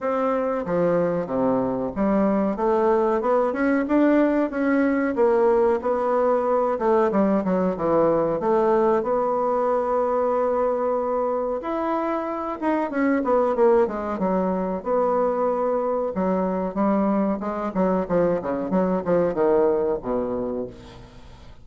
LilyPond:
\new Staff \with { instrumentName = "bassoon" } { \time 4/4 \tempo 4 = 93 c'4 f4 c4 g4 | a4 b8 cis'8 d'4 cis'4 | ais4 b4. a8 g8 fis8 | e4 a4 b2~ |
b2 e'4. dis'8 | cis'8 b8 ais8 gis8 fis4 b4~ | b4 fis4 g4 gis8 fis8 | f8 cis8 fis8 f8 dis4 b,4 | }